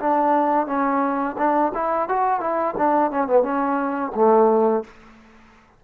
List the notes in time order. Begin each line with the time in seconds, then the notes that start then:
0.00 D4
0.67 C#4
1.38 D4
1.75 E4
2.09 F#4
2.41 E4
2.78 D4
3.12 C#4
3.28 B3
3.43 C#4
4.15 A3